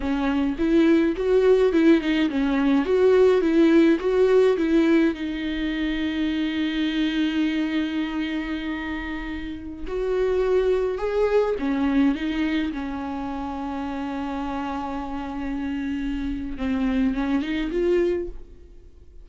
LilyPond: \new Staff \with { instrumentName = "viola" } { \time 4/4 \tempo 4 = 105 cis'4 e'4 fis'4 e'8 dis'8 | cis'4 fis'4 e'4 fis'4 | e'4 dis'2.~ | dis'1~ |
dis'4~ dis'16 fis'2 gis'8.~ | gis'16 cis'4 dis'4 cis'4.~ cis'16~ | cis'1~ | cis'4 c'4 cis'8 dis'8 f'4 | }